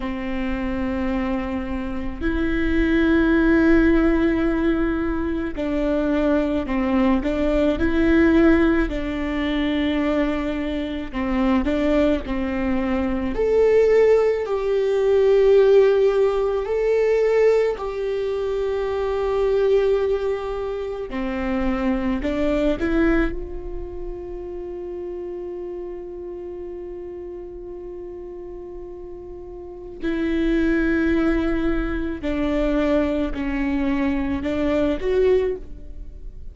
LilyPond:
\new Staff \with { instrumentName = "viola" } { \time 4/4 \tempo 4 = 54 c'2 e'2~ | e'4 d'4 c'8 d'8 e'4 | d'2 c'8 d'8 c'4 | a'4 g'2 a'4 |
g'2. c'4 | d'8 e'8 f'2.~ | f'2. e'4~ | e'4 d'4 cis'4 d'8 fis'8 | }